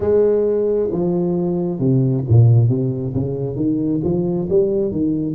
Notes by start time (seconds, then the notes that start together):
0.00 G#3
0.91 F3
1.79 C3
2.28 A#2
2.69 C3
3.13 C#3
3.56 D#3
4.03 F3
4.49 G3
4.91 D#3